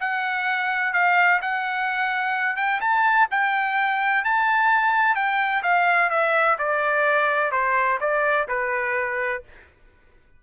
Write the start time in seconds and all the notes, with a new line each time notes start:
0.00 F#5
0.93 F5
1.42 F#5
2.57 G5
2.81 A5
3.31 G5
4.25 A5
5.15 G5
5.63 F5
6.10 E5
6.58 D5
7.52 C5
8.01 D5
8.48 B4